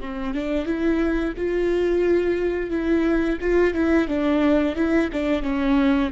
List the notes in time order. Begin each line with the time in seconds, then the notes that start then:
0.00 C4
0.34 D4
0.65 E4
1.37 F4
2.70 E4
3.40 F4
3.74 E4
4.08 D4
4.75 E4
5.12 D4
5.42 C#4